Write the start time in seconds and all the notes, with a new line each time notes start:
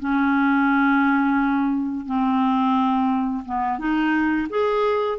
0.00 C#4
2.06 C4
3.45 B3
3.79 D#4
4.50 G#4